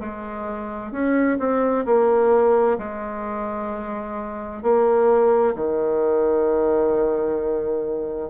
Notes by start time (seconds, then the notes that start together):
0.00 G#3
0.92 C#4
1.39 C4
1.85 A#3
2.78 G#3
4.63 A#3
5.55 D#3